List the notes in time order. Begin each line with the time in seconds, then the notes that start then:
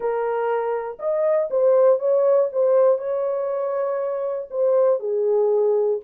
0.00 A#4
0.99 D#5
1.50 C5
1.99 C#5
2.52 C5
2.98 C#5
4.50 C5
4.99 G#4